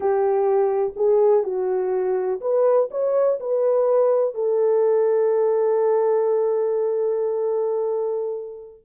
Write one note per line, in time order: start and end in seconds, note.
0.00 0.93 G4
0.95 1.43 G#4
1.43 2.40 F#4
2.40 2.89 B4
2.90 3.39 C#5
3.40 4.34 B4
4.34 8.82 A4